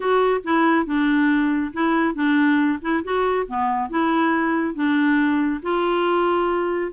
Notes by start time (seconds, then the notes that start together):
0.00 F#4
0.44 E4
0.86 D4
1.73 E4
2.14 D4
2.81 E4
3.03 F#4
3.47 B3
3.89 E4
4.74 D4
5.62 F4